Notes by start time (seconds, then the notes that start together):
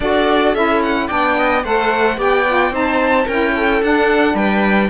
0.00 D4 F#4 A4 D5
0.54 C#4 E4 E5
0.82 F#5
1.07 B3 D4 D5 G5
1.38 D#5
1.63 A3 A4 C5 F#5
2.16 B3 G4 D5 G5
2.47 F4
2.70 C4 D#4 C5 A5
3.25 C#4 E4 A#4 G5
3.56 A4
3.82 D4 F#5
4.34 G3 B4 G5